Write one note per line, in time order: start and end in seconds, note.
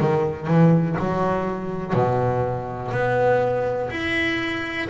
0.00 0.47 D#3
0.47 0.96 E3
0.99 1.93 F#3
1.93 2.91 B2
2.91 3.89 B3
3.90 4.88 E4